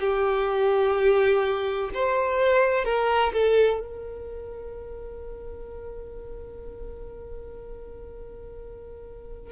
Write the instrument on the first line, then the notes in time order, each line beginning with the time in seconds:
violin
0.00 G4
1.94 C5
2.84 A#4
3.33 A4
3.80 A#4